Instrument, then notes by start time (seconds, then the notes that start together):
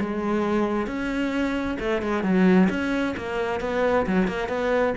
cello
0.00 G#3
0.87 C#4
1.80 A3
2.02 G#3
2.23 F#3
2.70 C#4
3.17 A#3
3.61 B3
4.06 F#3
4.28 A#3
4.49 B3